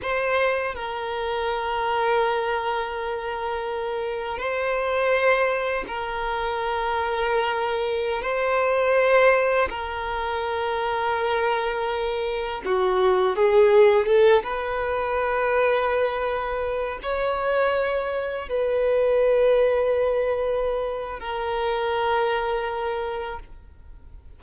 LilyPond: \new Staff \with { instrumentName = "violin" } { \time 4/4 \tempo 4 = 82 c''4 ais'2.~ | ais'2 c''2 | ais'2.~ ais'16 c''8.~ | c''4~ c''16 ais'2~ ais'8.~ |
ais'4~ ais'16 fis'4 gis'4 a'8 b'16~ | b'2.~ b'16 cis''8.~ | cis''4~ cis''16 b'2~ b'8.~ | b'4 ais'2. | }